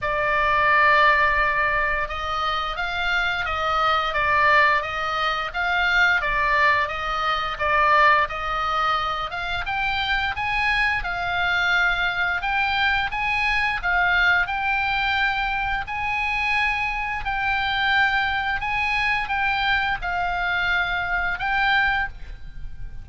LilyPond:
\new Staff \with { instrumentName = "oboe" } { \time 4/4 \tempo 4 = 87 d''2. dis''4 | f''4 dis''4 d''4 dis''4 | f''4 d''4 dis''4 d''4 | dis''4. f''8 g''4 gis''4 |
f''2 g''4 gis''4 | f''4 g''2 gis''4~ | gis''4 g''2 gis''4 | g''4 f''2 g''4 | }